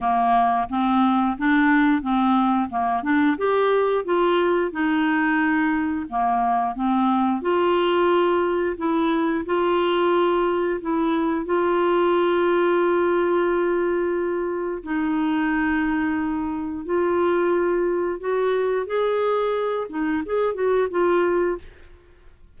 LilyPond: \new Staff \with { instrumentName = "clarinet" } { \time 4/4 \tempo 4 = 89 ais4 c'4 d'4 c'4 | ais8 d'8 g'4 f'4 dis'4~ | dis'4 ais4 c'4 f'4~ | f'4 e'4 f'2 |
e'4 f'2.~ | f'2 dis'2~ | dis'4 f'2 fis'4 | gis'4. dis'8 gis'8 fis'8 f'4 | }